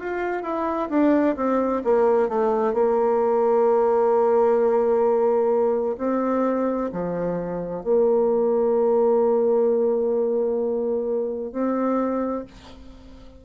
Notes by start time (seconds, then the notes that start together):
0.00 F4
0.43 E4
0.90 D4
1.37 C4
1.85 A#3
2.29 A3
2.74 A#3
5.98 C4
6.93 F3
7.84 A#3
11.53 C4